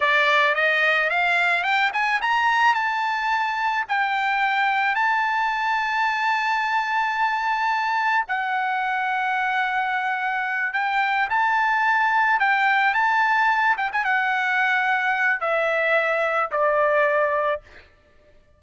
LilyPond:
\new Staff \with { instrumentName = "trumpet" } { \time 4/4 \tempo 4 = 109 d''4 dis''4 f''4 g''8 gis''8 | ais''4 a''2 g''4~ | g''4 a''2.~ | a''2. fis''4~ |
fis''2.~ fis''8 g''8~ | g''8 a''2 g''4 a''8~ | a''4 g''16 gis''16 fis''2~ fis''8 | e''2 d''2 | }